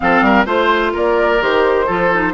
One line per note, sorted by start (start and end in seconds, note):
0.00 0.21 F3
0.00 0.46 C4
0.00 0.24 A4
0.00 0.45 F5
0.21 0.45 G3
0.21 0.46 A#4
0.46 0.93 A3
0.46 1.39 F4
0.46 0.92 C5
0.93 1.41 A#3
0.93 1.86 A#4
0.93 1.42 D5
1.40 1.88 D#3
1.40 1.87 G4
1.40 2.33 C5
1.86 2.33 F3
1.86 2.11 F4
1.86 2.33 A4
2.13 2.33 D#4